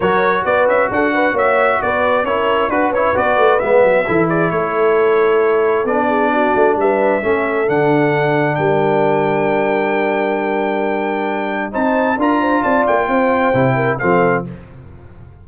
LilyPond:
<<
  \new Staff \with { instrumentName = "trumpet" } { \time 4/4 \tempo 4 = 133 cis''4 d''8 e''8 fis''4 e''4 | d''4 cis''4 b'8 cis''8 d''4 | e''4. d''8 cis''2~ | cis''4 d''2 e''4~ |
e''4 fis''2 g''4~ | g''1~ | g''2 a''4 ais''4 | a''8 g''2~ g''8 f''4 | }
  \new Staff \with { instrumentName = "horn" } { \time 4/4 ais'4 b'4 a'8 b'8 cis''4 | b'4 ais'4 b'2~ | b'4 a'8 gis'8 a'2~ | a'4. gis'8 fis'4 b'4 |
a'2. ais'4~ | ais'1~ | ais'2 c''4 ais'8 c''8 | d''4 c''4. ais'8 a'4 | }
  \new Staff \with { instrumentName = "trombone" } { \time 4/4 fis'1~ | fis'4 e'4 fis'8 e'8 fis'4 | b4 e'2.~ | e'4 d'2. |
cis'4 d'2.~ | d'1~ | d'2 dis'4 f'4~ | f'2 e'4 c'4 | }
  \new Staff \with { instrumentName = "tuba" } { \time 4/4 fis4 b8 cis'8 d'4 ais4 | b4 cis'4 d'8 cis'8 b8 a8 | gis8 fis8 e4 a2~ | a4 b4. a8 g4 |
a4 d2 g4~ | g1~ | g2 c'4 d'4 | c'8 ais8 c'4 c4 f4 | }
>>